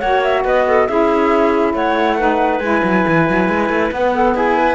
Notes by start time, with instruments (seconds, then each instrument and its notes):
0.00 cello A#3, saxophone F#4, clarinet C#5, flute F#5
0.23 flute E5
0.44 cello B3, clarinet B4, flute D#5
0.67 clarinet A4
0.88 cello C#4, saxophone E4, clarinet G#4, flute E5
1.74 cello A3, clarinet C#5, flute F#5
2.19 saxophone D#4, clarinet B4
2.60 cello G#3, saxophone E4, flute G#5
2.84 cello F#3
3.08 cello E3
3.30 cello F#3
3.49 cello G#3
3.69 cello A3
3.92 cello B3, saxophone B3, flute F#5
4.15 clarinet A4
4.35 cello E4, clarinet G#4, flute G#5
4.57 clarinet B4